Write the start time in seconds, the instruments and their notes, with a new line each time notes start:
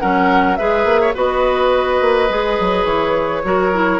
0.00 bassoon F#3, clarinet C#4, oboe A#4, flute F#5
0.56 bassoon G#3, clarinet G#4, oboe B4, flute E5
0.85 bassoon A#3
1.01 oboe C#5
1.15 bassoon B3, clarinet F#4, oboe B4, flute D#5
2.01 bassoon A#3
2.30 bassoon G#3, clarinet G#4
2.60 bassoon F#3
2.85 bassoon E3, flute C#5
3.44 bassoon F#3, clarinet F#4, oboe A#4
3.73 clarinet E4